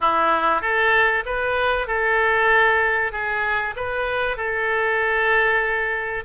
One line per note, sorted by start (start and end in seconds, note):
0.00 0.61 E4
0.61 1.24 A4
1.25 1.87 B4
1.87 3.12 A4
3.12 3.74 G#4
3.76 4.36 B4
4.36 6.24 A4